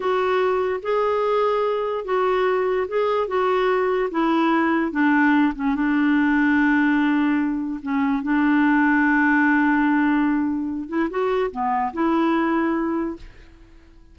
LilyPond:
\new Staff \with { instrumentName = "clarinet" } { \time 4/4 \tempo 4 = 146 fis'2 gis'2~ | gis'4 fis'2 gis'4 | fis'2 e'2 | d'4. cis'8 d'2~ |
d'2. cis'4 | d'1~ | d'2~ d'8 e'8 fis'4 | b4 e'2. | }